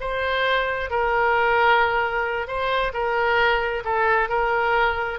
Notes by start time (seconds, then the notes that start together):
0.00 C5
0.90 A#4
2.47 C5
2.93 A#4
3.84 A4
4.29 A#4